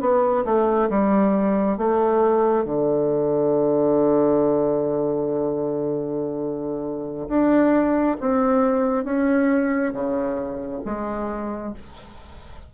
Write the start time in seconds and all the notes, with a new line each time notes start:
0.00 B3
0.45 A3
0.89 G3
1.77 A3
2.64 D3
7.28 D4
8.20 C4
9.04 C#4
9.93 C#3
10.85 G#3